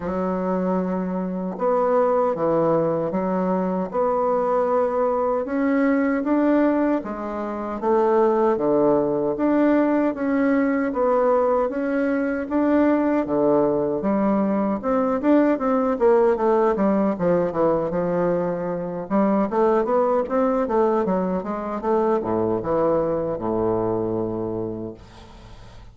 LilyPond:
\new Staff \with { instrumentName = "bassoon" } { \time 4/4 \tempo 4 = 77 fis2 b4 e4 | fis4 b2 cis'4 | d'4 gis4 a4 d4 | d'4 cis'4 b4 cis'4 |
d'4 d4 g4 c'8 d'8 | c'8 ais8 a8 g8 f8 e8 f4~ | f8 g8 a8 b8 c'8 a8 fis8 gis8 | a8 a,8 e4 a,2 | }